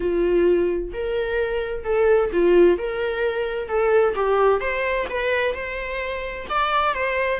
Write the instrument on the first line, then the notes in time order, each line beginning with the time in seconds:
viola
0.00 F4
0.93 A#4
1.84 A4
2.32 F4
2.78 A#4
3.68 A4
4.15 G4
4.60 C5
5.09 B4
5.54 C5
6.49 D5
6.94 C5